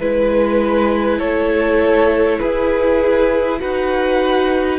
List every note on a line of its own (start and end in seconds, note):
0.00 1.20 G#3
0.00 3.60 E4
0.00 1.19 B4
0.00 1.20 B4
1.19 2.40 A3
1.19 2.39 A4
1.19 2.40 C#5
2.40 3.62 E4
2.40 3.60 G#4
2.40 3.60 B4
3.60 4.79 D#4
3.60 4.79 F#4
3.60 4.79 B4
3.60 4.79 F#5